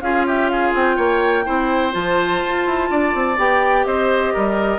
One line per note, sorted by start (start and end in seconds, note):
0.00 0.72 C#4
0.00 1.45 F4
0.00 0.27 G#4
0.00 0.24 F5
0.27 0.51 G4
0.27 0.48 E5
0.48 0.96 G#4
0.48 0.72 F5
0.74 0.97 C4
0.74 1.93 G5
0.96 1.45 A#3
0.96 1.44 C#5
1.45 1.94 C4
1.45 1.91 E4
1.45 2.89 C5
1.91 2.42 F3
1.91 3.35 F4
1.91 3.37 A5
2.43 2.66 F4
2.66 2.90 E4
2.90 3.14 D4
2.90 3.86 D5
3.14 3.37 C4
3.37 3.85 B3
3.37 4.78 G4
3.37 3.84 G5
3.84 4.33 C4
3.84 4.33 C5
3.84 4.78 D#5
4.33 4.78 G3
4.33 4.78 A#4